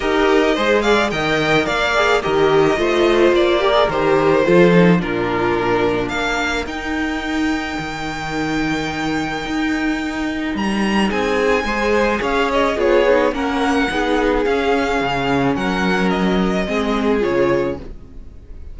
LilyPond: <<
  \new Staff \with { instrumentName = "violin" } { \time 4/4 \tempo 4 = 108 dis''4. f''8 g''4 f''4 | dis''2 d''4 c''4~ | c''4 ais'2 f''4 | g''1~ |
g''2. ais''4 | gis''2 f''8 dis''8 cis''4 | fis''2 f''2 | fis''4 dis''2 cis''4 | }
  \new Staff \with { instrumentName = "violin" } { \time 4/4 ais'4 c''8 d''8 dis''4 d''4 | ais'4 c''4. ais'4. | a'4 f'2 ais'4~ | ais'1~ |
ais'1 | gis'4 c''4 cis''4 gis'4 | ais'4 gis'2. | ais'2 gis'2 | }
  \new Staff \with { instrumentName = "viola" } { \time 4/4 g'4 gis'4 ais'4. gis'8 | g'4 f'4. g'16 gis'16 g'4 | f'8 dis'8 d'2. | dis'1~ |
dis'1~ | dis'4 gis'2 f'8 dis'8 | cis'4 dis'4 cis'2~ | cis'2 c'4 f'4 | }
  \new Staff \with { instrumentName = "cello" } { \time 4/4 dis'4 gis4 dis4 ais4 | dis4 a4 ais4 dis4 | f4 ais,2 ais4 | dis'2 dis2~ |
dis4 dis'2 g4 | c'4 gis4 cis'4 b4 | ais4 b4 cis'4 cis4 | fis2 gis4 cis4 | }
>>